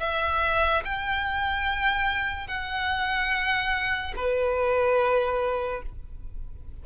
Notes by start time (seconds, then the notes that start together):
0.00 E5
0.84 G5
2.47 F#5
4.16 B4